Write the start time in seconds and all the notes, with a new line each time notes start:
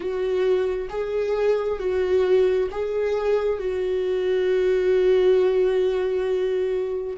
0.00 F#4
0.90 G#4
1.79 F#4
2.71 G#4
3.59 F#4